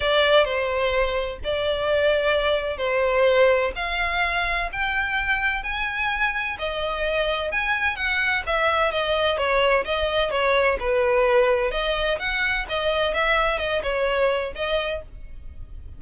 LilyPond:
\new Staff \with { instrumentName = "violin" } { \time 4/4 \tempo 4 = 128 d''4 c''2 d''4~ | d''2 c''2 | f''2 g''2 | gis''2 dis''2 |
gis''4 fis''4 e''4 dis''4 | cis''4 dis''4 cis''4 b'4~ | b'4 dis''4 fis''4 dis''4 | e''4 dis''8 cis''4. dis''4 | }